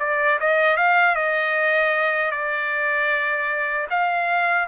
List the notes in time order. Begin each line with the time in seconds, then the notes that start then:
0.00 D5
0.40 D#5
0.77 F5
1.15 D#5
2.31 D5
3.90 F5